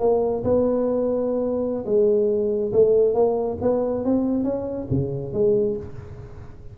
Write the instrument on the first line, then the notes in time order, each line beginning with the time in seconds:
tuba
0.00 A#3
0.44 B3
1.85 G#3
2.73 A3
3.14 A#3
3.61 B3
4.05 C4
4.44 C#4
4.90 C#3
5.33 G#3